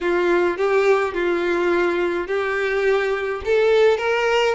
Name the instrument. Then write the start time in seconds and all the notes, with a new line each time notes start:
violin
0.00 F4
0.57 G4
1.14 F4
2.27 G4
3.44 A4
3.97 A#4